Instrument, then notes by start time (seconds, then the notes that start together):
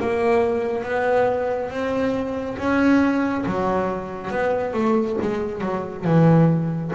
double bass
0.00 A#3
0.83 B3
1.70 C4
2.58 C#4
3.46 F#3
4.31 B3
4.74 A3
5.21 G#3
5.61 F#3
6.05 E3